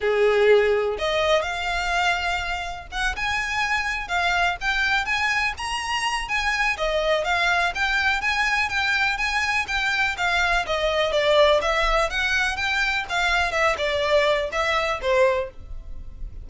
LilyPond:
\new Staff \with { instrumentName = "violin" } { \time 4/4 \tempo 4 = 124 gis'2 dis''4 f''4~ | f''2 fis''8 gis''4.~ | gis''8 f''4 g''4 gis''4 ais''8~ | ais''4 gis''4 dis''4 f''4 |
g''4 gis''4 g''4 gis''4 | g''4 f''4 dis''4 d''4 | e''4 fis''4 g''4 f''4 | e''8 d''4. e''4 c''4 | }